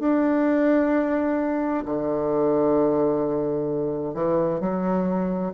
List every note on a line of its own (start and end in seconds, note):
0.00 1.85 D4
1.86 4.15 D3
4.15 4.61 E3
4.61 5.53 F#3